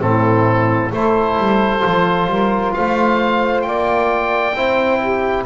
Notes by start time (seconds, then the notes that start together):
0.00 A2 C4 E4 A4
0.92 A3 E4 A4 C5
1.38 G3
1.80 F3 F4
2.27 G3 A#4
2.73 A3 C5 F5
3.62 A#3 D5 G5
4.54 C4 E4 C5
5.00 G4